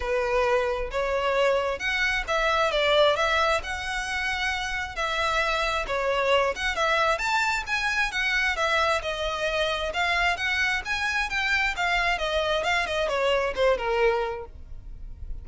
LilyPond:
\new Staff \with { instrumentName = "violin" } { \time 4/4 \tempo 4 = 133 b'2 cis''2 | fis''4 e''4 d''4 e''4 | fis''2. e''4~ | e''4 cis''4. fis''8 e''4 |
a''4 gis''4 fis''4 e''4 | dis''2 f''4 fis''4 | gis''4 g''4 f''4 dis''4 | f''8 dis''8 cis''4 c''8 ais'4. | }